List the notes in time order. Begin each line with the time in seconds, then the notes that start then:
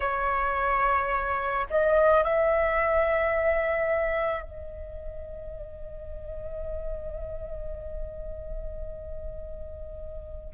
0.00 C#5
1.69 D#5
2.23 E5
4.42 D#5